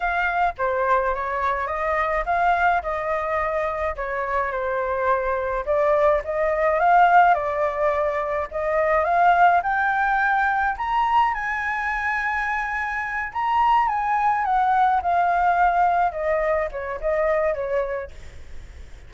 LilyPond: \new Staff \with { instrumentName = "flute" } { \time 4/4 \tempo 4 = 106 f''4 c''4 cis''4 dis''4 | f''4 dis''2 cis''4 | c''2 d''4 dis''4 | f''4 d''2 dis''4 |
f''4 g''2 ais''4 | gis''2.~ gis''8 ais''8~ | ais''8 gis''4 fis''4 f''4.~ | f''8 dis''4 cis''8 dis''4 cis''4 | }